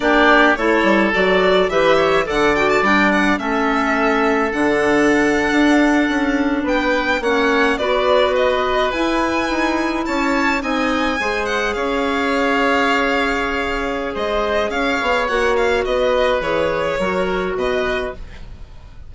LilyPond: <<
  \new Staff \with { instrumentName = "violin" } { \time 4/4 \tempo 4 = 106 d''4 cis''4 d''4 e''4 | fis''8 g''16 a''16 g''8 fis''8 e''2 | fis''2.~ fis''8. g''16~ | g''8. fis''4 d''4 dis''4 gis''16~ |
gis''4.~ gis''16 a''4 gis''4~ gis''16~ | gis''16 fis''8 f''2.~ f''16~ | f''4 dis''4 f''4 fis''8 f''8 | dis''4 cis''2 dis''4 | }
  \new Staff \with { instrumentName = "oboe" } { \time 4/4 g'4 a'2 b'8 cis''8 | d''2 a'2~ | a'2.~ a'8. b'16~ | b'8. cis''4 b'2~ b'16~ |
b'4.~ b'16 cis''4 dis''4 c''16~ | c''8. cis''2.~ cis''16~ | cis''4 c''4 cis''2 | b'2 ais'4 b'4 | }
  \new Staff \with { instrumentName = "clarinet" } { \time 4/4 d'4 e'4 fis'4 g'4 | a'8 fis'8 d'4 cis'2 | d'1~ | d'8. cis'4 fis'2 e'16~ |
e'2~ e'8. dis'4 gis'16~ | gis'1~ | gis'2. fis'4~ | fis'4 gis'4 fis'2 | }
  \new Staff \with { instrumentName = "bassoon" } { \time 4/4 ais4 a8 g8 fis4 e4 | d4 g4 a2 | d4.~ d16 d'4 cis'4 b16~ | b8. ais4 b2 e'16~ |
e'8. dis'4 cis'4 c'4 gis16~ | gis8. cis'2.~ cis'16~ | cis'4 gis4 cis'8 b8 ais4 | b4 e4 fis4 b,4 | }
>>